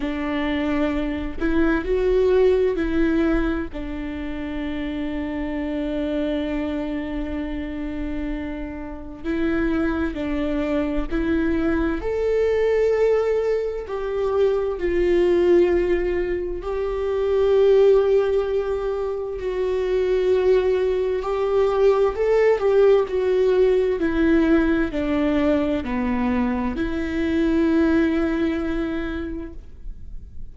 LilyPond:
\new Staff \with { instrumentName = "viola" } { \time 4/4 \tempo 4 = 65 d'4. e'8 fis'4 e'4 | d'1~ | d'2 e'4 d'4 | e'4 a'2 g'4 |
f'2 g'2~ | g'4 fis'2 g'4 | a'8 g'8 fis'4 e'4 d'4 | b4 e'2. | }